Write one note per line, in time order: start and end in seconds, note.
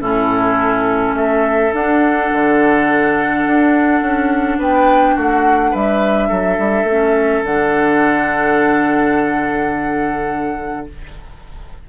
0.00 1.14 A2
0.00 1.72 C#4
0.00 1.15 E4
0.00 1.16 A4
1.14 1.71 A3
1.14 4.59 A4
1.14 1.73 E5
1.73 2.30 D4
1.73 6.88 D4
1.73 4.60 F#5
2.32 3.46 D3
3.46 4.01 D4
4.01 4.58 C#4
4.58 5.15 B3
4.58 5.15 B4
4.58 5.19 G5
5.15 5.74 A3
5.15 5.71 F#4
5.15 5.74 F#5
5.71 6.30 G3
5.71 6.28 B4
5.71 7.45 E5
6.29 6.58 F#3
6.29 10.86 A4
6.58 6.83 G3
6.83 7.41 A3
6.83 7.46 C#4
7.44 10.87 D3
7.44 10.89 D4
7.44 10.88 F#5